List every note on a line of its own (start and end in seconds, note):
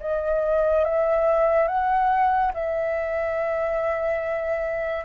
0.00 0.84 D#5
0.84 1.67 E5
1.67 2.52 F#5
2.54 5.05 E5